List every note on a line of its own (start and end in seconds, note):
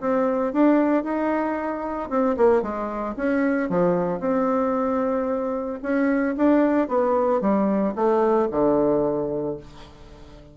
0.00 0.53 C4
0.53 1.04 D4
1.04 2.09 D#4
2.09 2.36 C4
2.37 2.62 A#3
2.62 3.15 G#3
3.16 3.69 C#4
3.69 4.20 F3
4.20 5.79 C4
5.82 6.35 C#4
6.37 6.88 D4
6.88 7.41 B3
7.41 7.94 G3
7.95 8.48 A3
8.51 9.57 D3